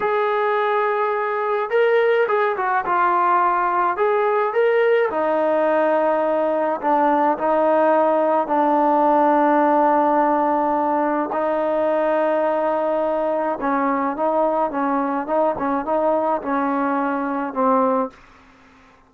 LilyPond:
\new Staff \with { instrumentName = "trombone" } { \time 4/4 \tempo 4 = 106 gis'2. ais'4 | gis'8 fis'8 f'2 gis'4 | ais'4 dis'2. | d'4 dis'2 d'4~ |
d'1 | dis'1 | cis'4 dis'4 cis'4 dis'8 cis'8 | dis'4 cis'2 c'4 | }